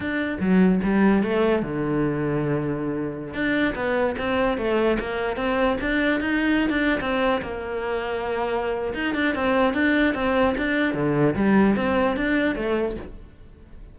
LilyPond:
\new Staff \with { instrumentName = "cello" } { \time 4/4 \tempo 4 = 148 d'4 fis4 g4 a4 | d1~ | d16 d'4 b4 c'4 a8.~ | a16 ais4 c'4 d'4 dis'8.~ |
dis'8 d'8. c'4 ais4.~ ais16~ | ais2 dis'8 d'8 c'4 | d'4 c'4 d'4 d4 | g4 c'4 d'4 a4 | }